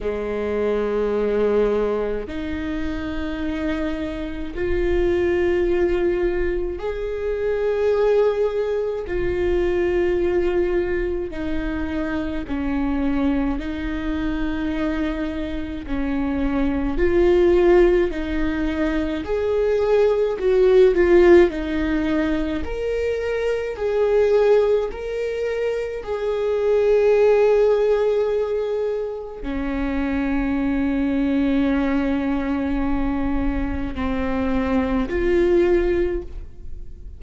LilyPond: \new Staff \with { instrumentName = "viola" } { \time 4/4 \tempo 4 = 53 gis2 dis'2 | f'2 gis'2 | f'2 dis'4 cis'4 | dis'2 cis'4 f'4 |
dis'4 gis'4 fis'8 f'8 dis'4 | ais'4 gis'4 ais'4 gis'4~ | gis'2 cis'2~ | cis'2 c'4 f'4 | }